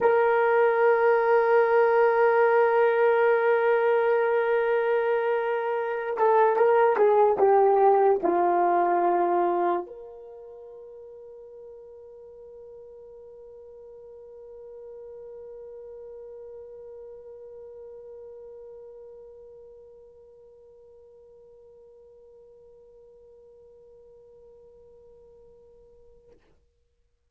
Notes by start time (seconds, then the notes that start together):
0.00 A#4
6.17 A4
6.56 A#4
6.96 G#4
7.37 G4
8.22 F4
9.86 A#4